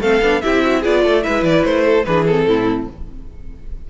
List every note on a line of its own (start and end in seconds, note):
0.00 0.20 A3
0.00 0.22 C4
0.00 0.43 A4
0.00 0.41 F5
0.21 0.41 B3
0.21 0.42 D4
0.41 0.85 C4
0.41 0.83 E4
0.41 0.64 G4
0.41 0.82 E5
0.64 0.80 F#4
0.80 1.05 B3
0.80 1.22 F4
0.80 1.01 G#4
0.80 1.23 D5
1.03 1.26 A3
1.03 1.23 A4
1.22 1.43 G#3
1.22 2.04 E4
1.22 1.85 B4
1.22 1.43 E5
1.43 1.63 E3
1.43 1.64 D5
1.64 2.05 A3
1.64 2.05 C5
1.85 2.06 A4
2.05 2.46 E3
2.05 2.27 D4
2.05 2.48 G#4
2.05 2.25 B4
2.26 2.90 C4
2.26 2.87 A4
2.46 2.87 A2
2.46 2.89 E4